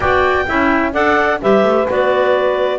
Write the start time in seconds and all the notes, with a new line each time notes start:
0.00 B3 F#4 D5 G5
0.47 C#4 E4 E5
0.92 D4 A4 D5 F#5
1.41 G3 G4 B4 E5
1.63 A3
1.87 B3 F#4 D5